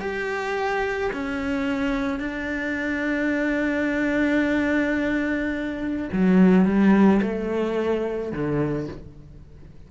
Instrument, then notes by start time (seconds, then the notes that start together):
cello
0.00 G4
1.13 C#4
2.20 D4
6.13 F#3
6.66 G3
7.22 A3
8.33 D3